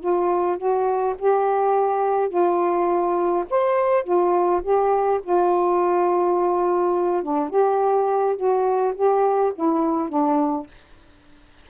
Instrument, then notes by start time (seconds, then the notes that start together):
saxophone
0.00 F4
0.57 F#4
1.19 G4
2.29 F4
3.50 C5
4.04 F4
4.63 G4
5.23 F4
7.23 D4
7.50 G4
8.36 F#4
8.95 G4
9.55 E4
10.09 D4